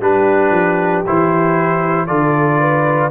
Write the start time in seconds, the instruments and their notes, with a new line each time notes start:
0.00 tuba G3, trombone D4, horn G4, trumpet B4
0.51 tuba F3
1.06 tuba E3, trombone E4, trumpet C5
2.06 tuba D3, trombone F4, horn A4, trumpet D5
2.59 horn B4